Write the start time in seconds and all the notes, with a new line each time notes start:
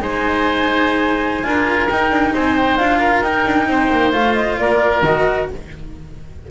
0.00 G#3 D#4 C5 G#5
1.44 D4 F4 A#4
1.90 D#4 G5
2.11 D4
2.34 C4 C5 G#5
2.57 G5
2.77 D4 F4 F5
3.00 A#4
3.22 D#4 G5
3.46 D4
3.67 C4 C5
3.92 A#3
4.13 A3 F4 F5
4.34 D#5
4.58 A#3 A#4 D5
5.02 D#3 F#4 D#5